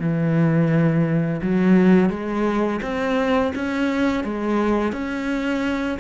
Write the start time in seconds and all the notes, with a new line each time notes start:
0.00 E3
1.42 F#3
2.10 G#3
2.83 C4
3.56 C#4
4.24 G#3
4.93 C#4